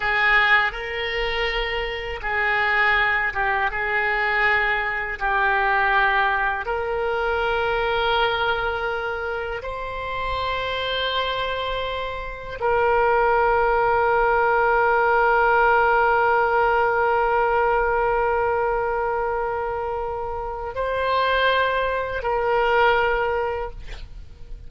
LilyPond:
\new Staff \with { instrumentName = "oboe" } { \time 4/4 \tempo 4 = 81 gis'4 ais'2 gis'4~ | gis'8 g'8 gis'2 g'4~ | g'4 ais'2.~ | ais'4 c''2.~ |
c''4 ais'2.~ | ais'1~ | ais'1 | c''2 ais'2 | }